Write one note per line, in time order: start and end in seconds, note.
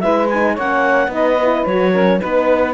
0.00 0.57 G#3
0.00 0.30 E4
0.00 0.53 B4
0.00 0.27 E5
0.29 0.58 D#4
0.29 0.56 G#5
0.53 1.07 A#3
0.53 1.09 C#4
0.53 1.08 C#5
0.53 1.12 F#5
1.07 1.62 B3
1.07 1.36 D#4
1.07 1.65 D#5
1.13 1.92 B4
1.42 1.68 E4
1.65 2.21 F#3
1.65 1.93 F#4
1.65 2.19 C#5
1.92 2.20 C#4
1.92 2.19 A#4
2.19 2.74 B3
2.19 2.74 D#4
2.19 2.74 B4